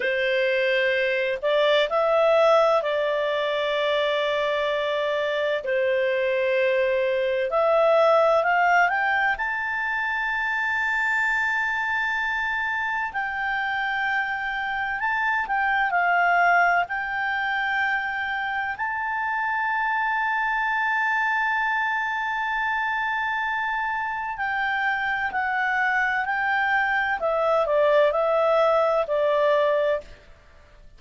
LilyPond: \new Staff \with { instrumentName = "clarinet" } { \time 4/4 \tempo 4 = 64 c''4. d''8 e''4 d''4~ | d''2 c''2 | e''4 f''8 g''8 a''2~ | a''2 g''2 |
a''8 g''8 f''4 g''2 | a''1~ | a''2 g''4 fis''4 | g''4 e''8 d''8 e''4 d''4 | }